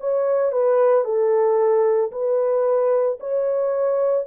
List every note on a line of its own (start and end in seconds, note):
0.00 0.52 C#5
0.52 1.04 B4
1.04 2.11 A4
2.12 3.19 B4
3.20 4.27 C#5